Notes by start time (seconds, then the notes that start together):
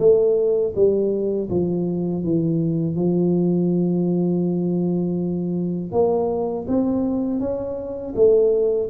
0.00 A3
0.76 G3
1.51 F3
2.24 E3
2.97 F3
5.93 A#3
6.68 C4
7.40 C#4
8.16 A3